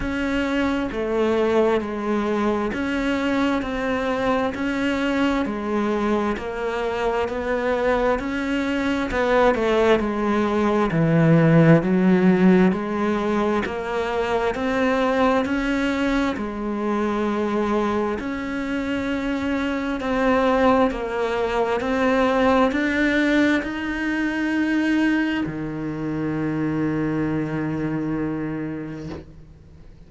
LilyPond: \new Staff \with { instrumentName = "cello" } { \time 4/4 \tempo 4 = 66 cis'4 a4 gis4 cis'4 | c'4 cis'4 gis4 ais4 | b4 cis'4 b8 a8 gis4 | e4 fis4 gis4 ais4 |
c'4 cis'4 gis2 | cis'2 c'4 ais4 | c'4 d'4 dis'2 | dis1 | }